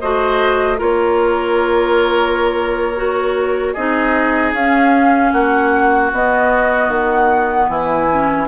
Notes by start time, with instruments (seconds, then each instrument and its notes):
0.00 bassoon A3, clarinet F#4, oboe C5, flute D#5
0.78 bassoon A#3, clarinet F4, oboe A#4, flute C#5
2.96 clarinet F#4
3.73 bassoon C4, clarinet D#4, oboe G#4, flute D#5
4.53 bassoon C#4, clarinet C#4, flute F5
5.32 bassoon A#3, oboe F#4, flute F#5
6.12 bassoon B3, clarinet B3, flute D#5
6.88 bassoon D#3, flute F#5
7.68 bassoon E3, oboe E4, flute G#5
8.11 clarinet C#4